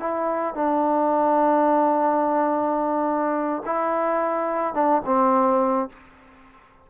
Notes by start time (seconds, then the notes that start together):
0.00 E4
0.55 D4
3.66 E4
4.74 D4
5.05 C4